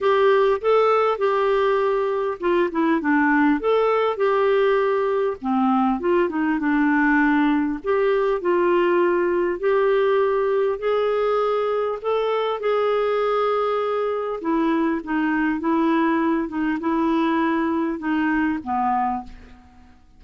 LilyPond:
\new Staff \with { instrumentName = "clarinet" } { \time 4/4 \tempo 4 = 100 g'4 a'4 g'2 | f'8 e'8 d'4 a'4 g'4~ | g'4 c'4 f'8 dis'8 d'4~ | d'4 g'4 f'2 |
g'2 gis'2 | a'4 gis'2. | e'4 dis'4 e'4. dis'8 | e'2 dis'4 b4 | }